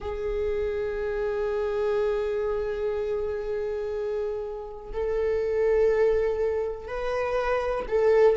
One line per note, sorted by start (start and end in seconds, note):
0.00 4.92 G#4
4.92 6.87 A4
6.87 7.86 B4
7.87 8.36 A4